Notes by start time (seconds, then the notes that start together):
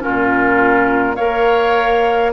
0.00 C#4 F4 A#4
0.07 A#2
1.16 A#3 A#4 C#5 F5